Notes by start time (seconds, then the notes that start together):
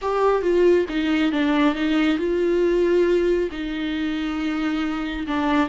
0.01 G4
0.42 F4
0.88 D#4
1.32 D4
1.74 D#4
2.18 F4
3.51 D#4
5.27 D4